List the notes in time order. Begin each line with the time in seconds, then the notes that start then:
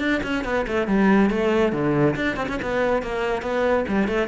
0.00 D4
0.24 C#4
0.45 B3
0.68 A3
0.87 G3
1.30 A3
1.73 D3
2.16 D4
2.37 C4
2.49 C#4
2.62 B3
3.03 A#3
3.42 B3
3.88 G3
4.08 A3